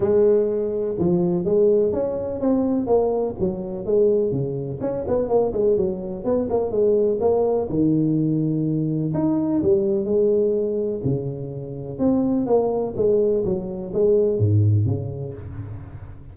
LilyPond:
\new Staff \with { instrumentName = "tuba" } { \time 4/4 \tempo 4 = 125 gis2 f4 gis4 | cis'4 c'4 ais4 fis4 | gis4 cis4 cis'8 b8 ais8 gis8 | fis4 b8 ais8 gis4 ais4 |
dis2. dis'4 | g4 gis2 cis4~ | cis4 c'4 ais4 gis4 | fis4 gis4 gis,4 cis4 | }